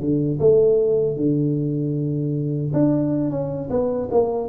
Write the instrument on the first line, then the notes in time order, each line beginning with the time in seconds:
tuba
0.00 D3
0.40 A3
1.17 D3
2.74 D4
3.30 C#4
3.70 B3
4.11 A#3